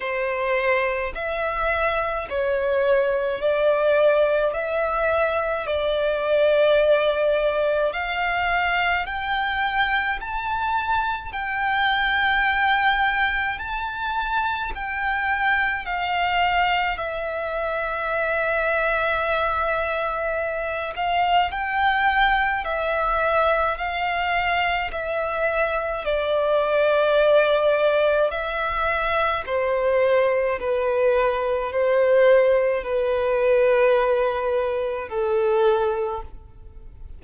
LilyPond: \new Staff \with { instrumentName = "violin" } { \time 4/4 \tempo 4 = 53 c''4 e''4 cis''4 d''4 | e''4 d''2 f''4 | g''4 a''4 g''2 | a''4 g''4 f''4 e''4~ |
e''2~ e''8 f''8 g''4 | e''4 f''4 e''4 d''4~ | d''4 e''4 c''4 b'4 | c''4 b'2 a'4 | }